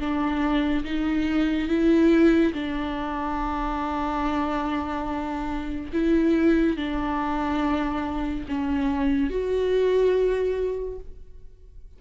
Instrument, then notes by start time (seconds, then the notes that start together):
viola
0.00 D4
0.85 D#4
1.69 E4
2.54 D4
5.93 E4
6.77 D4
8.49 C#4
9.30 F#4